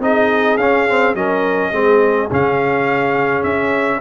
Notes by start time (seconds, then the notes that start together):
0.00 C4 D#4 G#4 D#5
0.58 C#4 F5
0.89 C4
1.15 F#3 C#4 A#4 D#5
1.70 G#3 C4 G#4
2.32 C#3 C#4 F5
3.44 C#4 E5